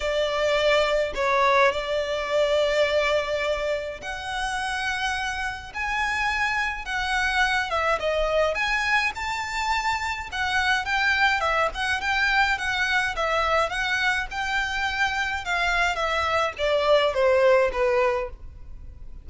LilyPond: \new Staff \with { instrumentName = "violin" } { \time 4/4 \tempo 4 = 105 d''2 cis''4 d''4~ | d''2. fis''4~ | fis''2 gis''2 | fis''4. e''8 dis''4 gis''4 |
a''2 fis''4 g''4 | e''8 fis''8 g''4 fis''4 e''4 | fis''4 g''2 f''4 | e''4 d''4 c''4 b'4 | }